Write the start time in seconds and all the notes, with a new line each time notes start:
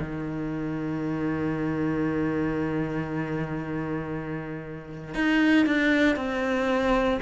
0.00 D#3
5.15 D#4
5.67 D4
6.16 C4